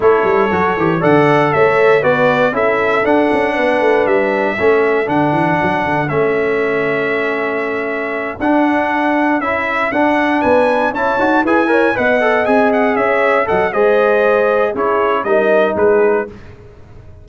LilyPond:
<<
  \new Staff \with { instrumentName = "trumpet" } { \time 4/4 \tempo 4 = 118 cis''2 fis''4 e''4 | d''4 e''4 fis''2 | e''2 fis''2 | e''1~ |
e''8 fis''2 e''4 fis''8~ | fis''8 gis''4 a''4 gis''4 fis''8~ | fis''8 gis''8 fis''8 e''4 fis''8 dis''4~ | dis''4 cis''4 dis''4 b'4 | }
  \new Staff \with { instrumentName = "horn" } { \time 4/4 a'2 d''4 cis''4 | b'4 a'2 b'4~ | b'4 a'2.~ | a'1~ |
a'1~ | a'8 b'4 cis''4 b'8 cis''8 dis''8~ | dis''4. cis''4 dis''8 c''4~ | c''4 gis'4 ais'4 gis'4 | }
  \new Staff \with { instrumentName = "trombone" } { \time 4/4 e'4 fis'8 g'8 a'2 | fis'4 e'4 d'2~ | d'4 cis'4 d'2 | cis'1~ |
cis'8 d'2 e'4 d'8~ | d'4. e'8 fis'8 gis'8 ais'8 b'8 | a'8 gis'2 a'8 gis'4~ | gis'4 e'4 dis'2 | }
  \new Staff \with { instrumentName = "tuba" } { \time 4/4 a8 g8 fis8 e8 d4 a4 | b4 cis'4 d'8 cis'8 b8 a8 | g4 a4 d8 e8 fis8 d8 | a1~ |
a8 d'2 cis'4 d'8~ | d'8 b4 cis'8 dis'8 e'4 b8~ | b8 c'4 cis'4 fis8 gis4~ | gis4 cis'4 g4 gis4 | }
>>